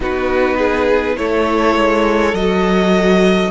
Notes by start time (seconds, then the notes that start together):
0.00 B3 D#4 F#4 B4
0.57 G#4
1.16 A3 E4 A4 C#5
1.75 G#3
2.33 F#3 F#4 D#5